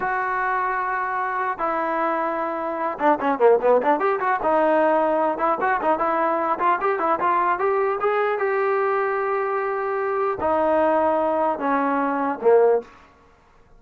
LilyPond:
\new Staff \with { instrumentName = "trombone" } { \time 4/4 \tempo 4 = 150 fis'1 | e'2.~ e'8 d'8 | cis'8 ais8 b8 d'8 g'8 fis'8 dis'4~ | dis'4. e'8 fis'8 dis'8 e'4~ |
e'8 f'8 g'8 e'8 f'4 g'4 | gis'4 g'2.~ | g'2 dis'2~ | dis'4 cis'2 ais4 | }